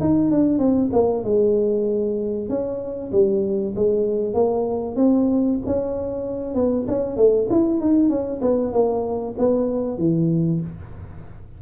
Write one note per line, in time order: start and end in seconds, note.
0.00 0.31 D#4
0.31 0.59 D4
0.59 0.90 C4
0.92 1.24 A#3
1.24 2.49 G#3
2.49 3.11 C#4
3.11 3.74 G3
3.75 4.33 G#3
4.33 4.95 A#3
4.95 5.58 C4
5.66 6.55 C#4
6.55 6.86 B3
6.88 7.16 C#4
7.16 7.47 A3
7.49 7.80 E4
7.80 8.09 D#4
8.09 8.40 C#4
8.41 8.72 B3
8.72 9.35 A#3
9.38 9.98 B3
9.98 10.60 E3